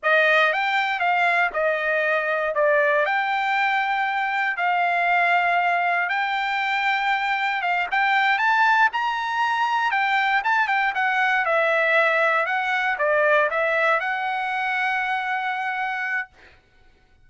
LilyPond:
\new Staff \with { instrumentName = "trumpet" } { \time 4/4 \tempo 4 = 118 dis''4 g''4 f''4 dis''4~ | dis''4 d''4 g''2~ | g''4 f''2. | g''2. f''8 g''8~ |
g''8 a''4 ais''2 g''8~ | g''8 a''8 g''8 fis''4 e''4.~ | e''8 fis''4 d''4 e''4 fis''8~ | fis''1 | }